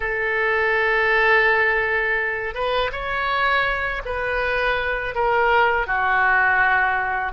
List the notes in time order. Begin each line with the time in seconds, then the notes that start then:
0.00 A4
2.54 B4
2.92 C#5
4.05 B4
5.15 A#4
5.87 F#4